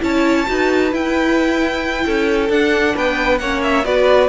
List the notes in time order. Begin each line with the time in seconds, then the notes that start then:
0.00 C#4 E4 C#5 A5
0.47 D#4 F#4 B4
0.92 E4 G5
2.05 C#4 A4
2.50 D4 F#5
2.95 B3 B4 G5
3.38 A#3 C#4 C#5 F#5
3.63 E5
3.84 B3 F#4 B4 D5